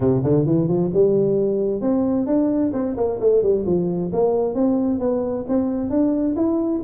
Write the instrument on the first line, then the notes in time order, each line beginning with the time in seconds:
tuba
0.00 C3
0.23 D3
0.45 E3
0.68 F3
0.93 G3
1.81 C4
2.26 D4
2.73 C4
2.96 A#3
3.20 A3
3.42 G3
3.66 F3
4.13 A#3
4.54 C4
4.99 B3
5.48 C4
5.89 D4
6.35 E4